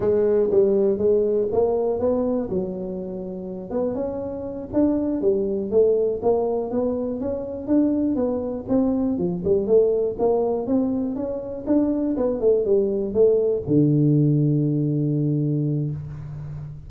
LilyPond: \new Staff \with { instrumentName = "tuba" } { \time 4/4 \tempo 4 = 121 gis4 g4 gis4 ais4 | b4 fis2~ fis8 b8 | cis'4. d'4 g4 a8~ | a8 ais4 b4 cis'4 d'8~ |
d'8 b4 c'4 f8 g8 a8~ | a8 ais4 c'4 cis'4 d'8~ | d'8 b8 a8 g4 a4 d8~ | d1 | }